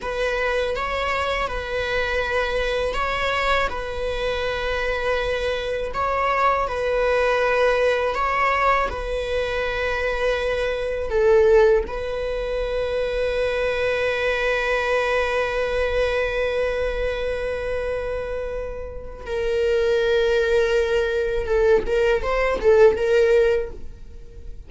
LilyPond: \new Staff \with { instrumentName = "viola" } { \time 4/4 \tempo 4 = 81 b'4 cis''4 b'2 | cis''4 b'2. | cis''4 b'2 cis''4 | b'2. a'4 |
b'1~ | b'1~ | b'2 ais'2~ | ais'4 a'8 ais'8 c''8 a'8 ais'4 | }